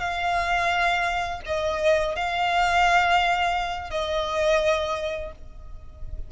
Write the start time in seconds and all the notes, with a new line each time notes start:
0.00 F5
1.46 D#5
2.16 F5
3.90 D#5